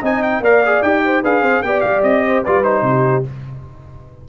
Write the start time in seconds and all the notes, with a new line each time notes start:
0.00 C4 D#4 D#5 G#5
0.23 G5
0.40 A#3 A#4 D5 F5
0.66 G#4
0.82 D#4 G4 G5
1.05 C5
1.22 D4 G#4 B4 F5
1.42 C4 C5
1.63 B3 G4 D5 G5
1.81 G3 F5
2.03 C4 D#5
2.26 C5
2.43 G3 F4 B4 D5
2.63 D#4 C5
2.82 C3
2.88 G4